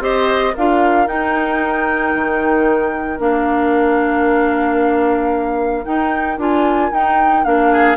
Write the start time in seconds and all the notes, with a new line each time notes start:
0.00 C4 G4 C5 D#5
0.54 D4 F4 A#4 F5
1.07 D#4 G5
2.14 D#3
3.18 A#3 D4 F5
5.85 D#4 G5
6.38 D4 F4 G#5
6.92 D#4 G5
7.44 A#3 D4 F5
7.71 G#4